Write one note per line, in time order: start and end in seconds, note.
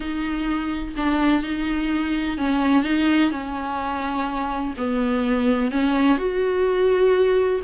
0.00 0.94 D#4
0.96 1.42 D4
1.42 2.37 D#4
2.37 2.83 C#4
2.83 3.31 D#4
3.31 4.74 C#4
4.77 5.71 B3
5.71 6.17 C#4
6.17 7.60 F#4